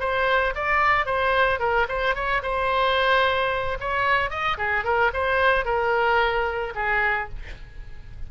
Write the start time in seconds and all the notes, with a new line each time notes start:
0.00 C5
0.55 D5
1.06 C5
1.60 A#4
1.89 C5
2.15 C#5
2.43 C5
3.81 C#5
4.30 D#5
4.58 G#4
4.85 A#4
5.14 C5
5.66 A#4
6.75 G#4